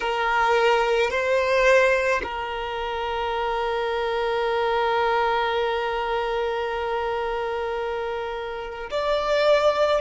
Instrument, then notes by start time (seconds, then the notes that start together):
violin
0.00 A#4
1.10 C5
2.23 A#4
8.90 D5